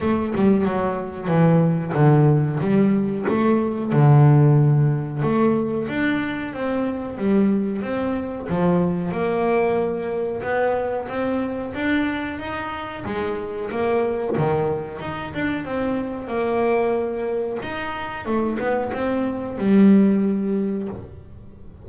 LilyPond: \new Staff \with { instrumentName = "double bass" } { \time 4/4 \tempo 4 = 92 a8 g8 fis4 e4 d4 | g4 a4 d2 | a4 d'4 c'4 g4 | c'4 f4 ais2 |
b4 c'4 d'4 dis'4 | gis4 ais4 dis4 dis'8 d'8 | c'4 ais2 dis'4 | a8 b8 c'4 g2 | }